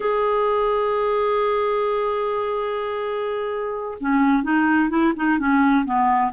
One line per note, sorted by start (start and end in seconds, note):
0.00 3.98 G#4
4.00 4.43 C#4
4.43 4.89 D#4
4.89 5.13 E4
5.16 5.38 D#4
5.38 5.85 C#4
5.85 6.32 B3